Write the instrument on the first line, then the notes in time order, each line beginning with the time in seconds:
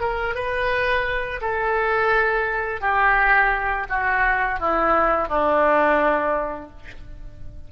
oboe
0.00 A#4
0.34 B4
1.41 A4
2.81 G4
3.89 F#4
4.59 E4
5.28 D4